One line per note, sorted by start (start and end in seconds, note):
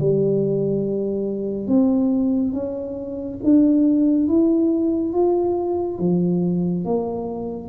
0.00 1.67 G3
1.67 2.53 C4
2.53 3.39 C#4
3.44 4.28 D4
4.28 5.13 E4
5.13 5.99 F4
5.99 6.85 F3
6.85 7.69 A#3